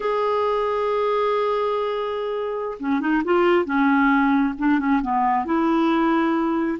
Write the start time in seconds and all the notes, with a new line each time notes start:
0.00 G#4
2.79 C#4
3.00 D#4
3.24 F4
3.65 C#4
4.58 D4
4.79 C#4
5.01 B3
5.45 E4